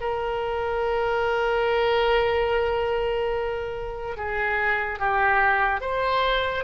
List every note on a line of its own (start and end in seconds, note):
0.00 4.17 A#4
4.17 4.99 G#4
4.99 5.81 G4
5.81 6.64 C5